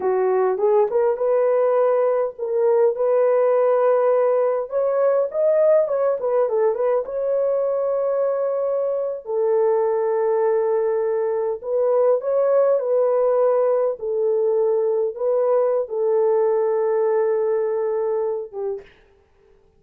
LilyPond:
\new Staff \with { instrumentName = "horn" } { \time 4/4 \tempo 4 = 102 fis'4 gis'8 ais'8 b'2 | ais'4 b'2. | cis''4 dis''4 cis''8 b'8 a'8 b'8 | cis''2.~ cis''8. a'16~ |
a'2.~ a'8. b'16~ | b'8. cis''4 b'2 a'16~ | a'4.~ a'16 b'4~ b'16 a'4~ | a'2.~ a'8 g'8 | }